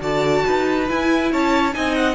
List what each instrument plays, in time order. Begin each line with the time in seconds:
0.00 cello D3, viola F#4, violin D5 A5
0.46 cello D#4, violin B4
0.88 viola E4, cello E4, violin G#5
1.32 cello C#4, violin C#5 A5
1.72 cello C4, viola D#4, violin D#5 G#5
1.95 violin F#5